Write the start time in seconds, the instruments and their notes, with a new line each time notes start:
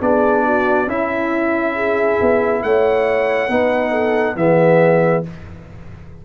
0.00 tuba B3, trombone D4, horn G#4, trumpet D5
0.44 horn F#4
0.87 tuba C#4, horn E4, trombone E4, trumpet E5
1.74 horn G#4
2.21 tuba B3
2.62 tuba A3, horn C#5, trumpet F#5
3.48 tuba B3, trombone D#4, horn B4
3.90 horn A4
4.35 tuba E3, trombone B3, horn G#4, trumpet E5